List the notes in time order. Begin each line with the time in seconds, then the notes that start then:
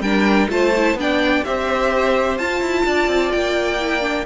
0.00 G3 D4 A#4 G5
0.49 A3 F4 C5 A5
0.77 E4
0.94 B3 D4 D5 G5
1.44 C4 G4 C5 E5
2.38 F4 A5
2.61 E4
2.85 D4 D5
3.07 C4
3.31 A#3 G5
3.79 E4
4.00 D4